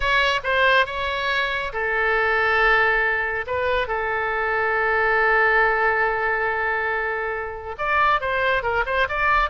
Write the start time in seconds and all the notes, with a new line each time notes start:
0.00 C#5
0.43 C5
0.86 C#5
1.72 A4
3.46 B4
3.87 A4
7.78 D5
8.21 C5
8.63 A#4
8.86 C5
9.08 D5